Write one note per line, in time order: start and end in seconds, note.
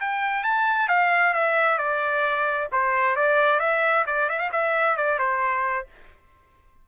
0.00 0.43 G5
0.43 0.88 A5
0.88 1.33 F5
1.33 1.77 E5
1.77 2.68 D5
2.72 3.16 C5
3.16 3.59 D5
3.59 4.04 E5
4.06 4.29 D5
4.29 4.38 E5
4.38 4.50 F5
4.52 4.97 E5
4.97 5.18 D5
5.18 5.86 C5